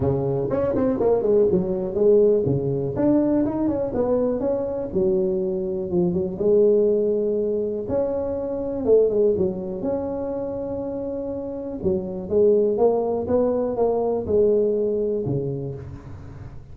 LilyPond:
\new Staff \with { instrumentName = "tuba" } { \time 4/4 \tempo 4 = 122 cis4 cis'8 c'8 ais8 gis8 fis4 | gis4 cis4 d'4 dis'8 cis'8 | b4 cis'4 fis2 | f8 fis8 gis2. |
cis'2 a8 gis8 fis4 | cis'1 | fis4 gis4 ais4 b4 | ais4 gis2 cis4 | }